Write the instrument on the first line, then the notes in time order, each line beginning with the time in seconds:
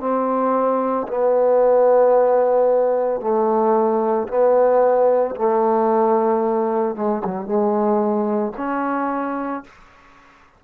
trombone
0.00 C4
1.08 B3
3.21 A3
4.28 B3
5.36 A3
6.96 G#3
7.25 F#3
7.46 G#3
8.57 C#4